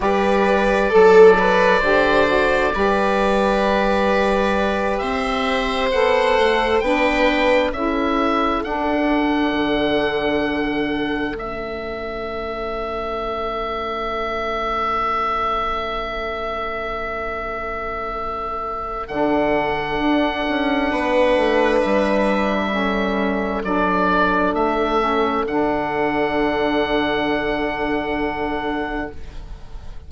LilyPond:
<<
  \new Staff \with { instrumentName = "oboe" } { \time 4/4 \tempo 4 = 66 d''1~ | d''4. e''4 fis''4 g''8~ | g''8 e''4 fis''2~ fis''8~ | fis''8 e''2.~ e''8~ |
e''1~ | e''4 fis''2. | e''2 d''4 e''4 | fis''1 | }
  \new Staff \with { instrumentName = "viola" } { \time 4/4 b'4 a'8 b'8 c''4 b'4~ | b'4. c''2 b'8~ | b'8 a'2.~ a'8~ | a'1~ |
a'1~ | a'2. b'4~ | b'4 a'2.~ | a'1 | }
  \new Staff \with { instrumentName = "saxophone" } { \time 4/4 g'4 a'4 g'8 fis'8 g'4~ | g'2~ g'8 a'4 d'8~ | d'8 e'4 d'2~ d'8~ | d'8 cis'2.~ cis'8~ |
cis'1~ | cis'4 d'2.~ | d'4 cis'4 d'4. cis'8 | d'1 | }
  \new Staff \with { instrumentName = "bassoon" } { \time 4/4 g4 fis4 d4 g4~ | g4. c'4 b8 a8 b8~ | b8 cis'4 d'4 d4.~ | d8 a2.~ a8~ |
a1~ | a4 d4 d'8 cis'8 b8 a8 | g2 fis4 a4 | d1 | }
>>